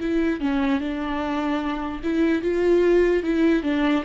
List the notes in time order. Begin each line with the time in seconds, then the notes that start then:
0.00 E4
0.41 C#4
0.80 D4
2.03 E4
2.42 F4
3.23 E4
3.63 D4